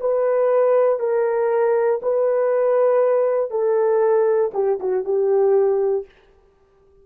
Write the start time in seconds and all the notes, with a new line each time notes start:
0.00 B4
0.99 A#4
2.02 B4
3.51 A4
4.54 G4
4.80 F#4
5.05 G4